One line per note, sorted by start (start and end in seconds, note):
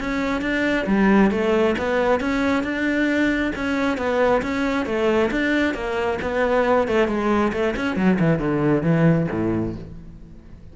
0.00 0.41 C#4
0.41 0.86 D4
0.87 1.31 G3
1.31 1.76 A3
1.78 2.20 B3
2.20 2.63 C#4
2.63 3.52 D4
3.55 3.97 C#4
3.97 4.42 B3
4.42 4.86 C#4
4.86 5.30 A3
5.31 5.74 D4
5.74 6.19 A#3
6.22 6.88 B3
6.88 7.08 A3
7.08 7.52 G#3
7.53 7.75 A3
7.76 7.96 C#4
7.96 8.18 F#3
8.19 8.39 E3
8.39 8.83 D3
8.83 9.27 E3
9.31 9.76 A2